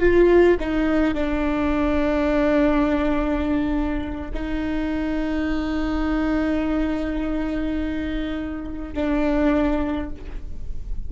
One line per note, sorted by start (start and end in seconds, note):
0.00 0.58 F4
0.60 1.15 D#4
1.15 4.32 D4
4.34 8.94 D#4
8.94 10.10 D4